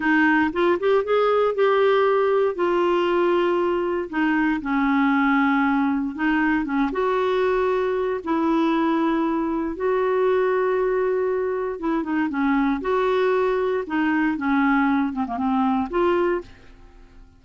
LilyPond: \new Staff \with { instrumentName = "clarinet" } { \time 4/4 \tempo 4 = 117 dis'4 f'8 g'8 gis'4 g'4~ | g'4 f'2. | dis'4 cis'2. | dis'4 cis'8 fis'2~ fis'8 |
e'2. fis'4~ | fis'2. e'8 dis'8 | cis'4 fis'2 dis'4 | cis'4. c'16 ais16 c'4 f'4 | }